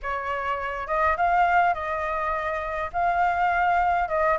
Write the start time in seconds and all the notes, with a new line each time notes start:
0.02 C#5
0.87 D#5
1.17 F5
1.74 D#5
2.92 F5
4.08 D#5